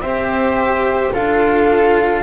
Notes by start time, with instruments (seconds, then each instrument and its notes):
0.00 double bass C4, cello G4, viola C5, flute E5
1.13 double bass D4, cello F4, viola A4, flute F5